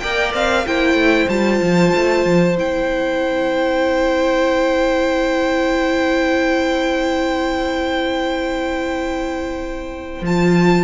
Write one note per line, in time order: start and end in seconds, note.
0.00 0.34 A#3
0.00 0.66 A#4
0.00 0.67 D5
0.00 0.32 G5
0.34 0.66 C4
0.34 0.66 F5
0.66 0.94 A#3
0.66 1.29 E4
0.66 10.84 C5
0.66 1.29 G5
0.94 1.26 A3
1.29 1.61 G3
1.29 2.57 F4
1.29 2.57 A5
1.62 1.94 F3
1.95 2.26 A3
2.26 2.57 F3
2.57 10.22 C4
2.57 10.24 E4
2.57 10.25 G5
10.22 10.84 F3
10.22 10.84 F4
10.22 10.84 A5